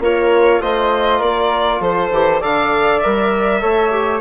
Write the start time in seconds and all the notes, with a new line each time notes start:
0.00 A#3 F4 A#4 C#5
0.61 A3 F4 C5 D#5
1.18 A#3 A#4 D5
1.80 F3 A4 C5
2.11 E3 G4
2.40 D3 A4 D5 F5
3.00 G3 A#4 E5
3.60 A3 A4 C#5
3.91 G4